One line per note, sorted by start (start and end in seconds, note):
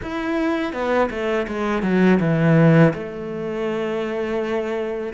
0.02 0.73 E4
0.73 1.09 B3
1.10 1.46 A3
1.47 1.82 G#3
1.82 2.19 F#3
2.20 2.93 E3
2.93 5.13 A3